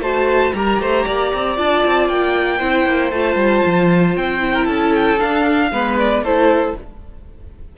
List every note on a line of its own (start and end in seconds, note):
0.00 0.52 A3
0.00 0.54 F#4
0.00 0.54 C5
0.00 0.54 A5
0.54 0.79 G3
0.54 1.56 G4
0.54 0.81 A#4
0.54 1.57 A#5
0.79 1.05 A3
0.79 1.05 C5
1.05 1.33 A#3
1.05 2.58 D5
1.34 1.58 C4
1.56 1.84 D4
1.56 2.60 F4
1.56 2.08 A5
1.86 2.09 C4
2.08 2.61 A#3
2.08 3.12 G5
2.58 2.86 C4
2.58 3.12 E4
2.58 4.52 C5
2.86 3.12 A#3
3.12 3.36 A3
3.12 4.40 F4
3.12 4.15 A5
3.36 3.62 G3
3.66 4.17 F3
4.16 4.68 C4
4.16 4.67 G5
4.40 5.18 E4
4.53 4.64 A#4
4.64 5.19 C#4
4.64 5.68 A4
4.64 4.93 A5
4.95 5.19 G5
5.19 5.71 D4
5.19 5.97 F5
5.71 6.21 G#3
5.71 6.25 B3
5.71 6.24 B4
5.99 6.24 D5
6.21 6.73 A3
6.21 6.77 E4
6.21 6.76 A4
6.21 6.76 C5